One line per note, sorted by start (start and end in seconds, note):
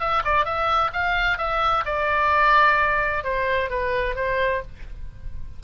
0.00 0.23 E5
0.25 0.45 D5
0.45 0.91 E5
0.93 1.38 F5
1.38 1.85 E5
1.86 3.24 D5
3.24 3.70 C5
3.70 4.16 B4
4.16 4.62 C5